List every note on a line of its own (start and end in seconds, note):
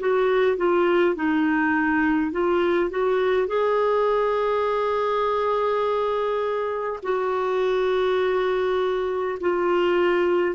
0.00 0.57 F#4
0.57 1.16 F4
1.16 2.32 D#4
2.32 2.90 F4
2.90 3.48 F#4
3.48 7.01 G#4
7.03 9.39 F#4
9.41 10.56 F4